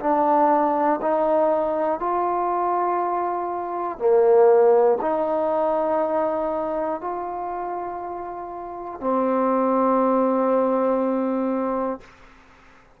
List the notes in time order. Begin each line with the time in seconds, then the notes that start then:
0.00 D4
1.01 D#4
2.00 F4
3.98 A#3
5.01 D#4
7.00 F4
9.00 C4